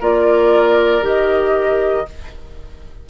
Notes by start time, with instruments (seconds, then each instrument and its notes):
0.00 bassoon A#3, clarinet F4, oboe A#4, flute D5
1.02 bassoon D#3, clarinet G4, flute D#5